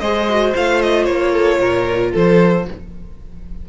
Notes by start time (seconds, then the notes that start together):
0.00 G#3 G#4 C5 D#5
0.30 F#4
0.55 A3 F4 F5
0.82 D#5
1.05 A#3 C#5
1.32 A4
1.60 A#2 A#4
2.12 F3 A4 C5